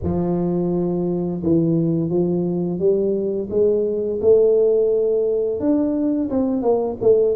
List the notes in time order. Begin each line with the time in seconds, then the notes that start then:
0.03 F3
1.43 E3
2.09 F3
2.79 G3
3.49 G#3
4.21 A3
5.59 D4
6.30 C4
6.62 A#3
7.01 A3